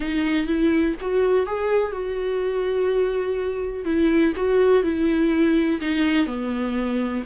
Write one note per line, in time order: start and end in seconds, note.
0.00 0.46 D#4
0.46 0.95 E4
1.00 1.46 F#4
1.46 1.92 G#4
1.92 3.84 F#4
3.84 4.33 E4
4.35 4.83 F#4
4.83 5.80 E4
5.80 6.26 D#4
6.26 7.23 B3